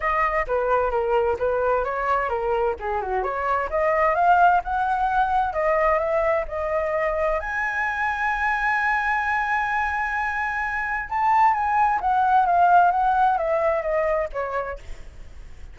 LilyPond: \new Staff \with { instrumentName = "flute" } { \time 4/4 \tempo 4 = 130 dis''4 b'4 ais'4 b'4 | cis''4 ais'4 gis'8 fis'8 cis''4 | dis''4 f''4 fis''2 | dis''4 e''4 dis''2 |
gis''1~ | gis''1 | a''4 gis''4 fis''4 f''4 | fis''4 e''4 dis''4 cis''4 | }